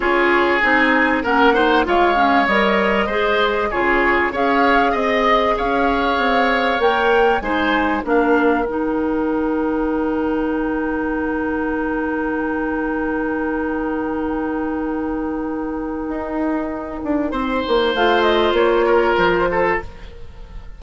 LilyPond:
<<
  \new Staff \with { instrumentName = "flute" } { \time 4/4 \tempo 4 = 97 cis''4 gis''4 fis''4 f''4 | dis''2 cis''4 f''4 | dis''4 f''2 g''4 | gis''4 f''4 g''2~ |
g''1~ | g''1~ | g''1~ | g''4 f''8 dis''8 cis''4 c''4 | }
  \new Staff \with { instrumentName = "oboe" } { \time 4/4 gis'2 ais'8 c''8 cis''4~ | cis''4 c''4 gis'4 cis''4 | dis''4 cis''2. | c''4 ais'2.~ |
ais'1~ | ais'1~ | ais'1 | c''2~ c''8 ais'4 a'8 | }
  \new Staff \with { instrumentName = "clarinet" } { \time 4/4 f'4 dis'4 cis'8 dis'8 f'8 cis'8 | ais'4 gis'4 f'4 gis'4~ | gis'2. ais'4 | dis'4 d'4 dis'2~ |
dis'1~ | dis'1~ | dis'1~ | dis'4 f'2. | }
  \new Staff \with { instrumentName = "bassoon" } { \time 4/4 cis'4 c'4 ais4 gis4 | g4 gis4 cis4 cis'4 | c'4 cis'4 c'4 ais4 | gis4 ais4 dis2~ |
dis1~ | dis1~ | dis2 dis'4. d'8 | c'8 ais8 a4 ais4 f4 | }
>>